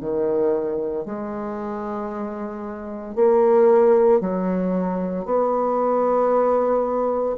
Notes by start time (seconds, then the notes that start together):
0.00 D#3
1.05 G#3
3.15 A#3
4.21 F#3
5.25 B3